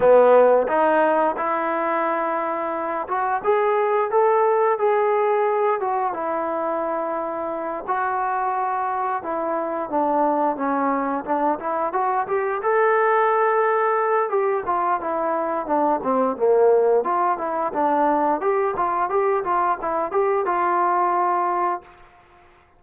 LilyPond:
\new Staff \with { instrumentName = "trombone" } { \time 4/4 \tempo 4 = 88 b4 dis'4 e'2~ | e'8 fis'8 gis'4 a'4 gis'4~ | gis'8 fis'8 e'2~ e'8 fis'8~ | fis'4. e'4 d'4 cis'8~ |
cis'8 d'8 e'8 fis'8 g'8 a'4.~ | a'4 g'8 f'8 e'4 d'8 c'8 | ais4 f'8 e'8 d'4 g'8 f'8 | g'8 f'8 e'8 g'8 f'2 | }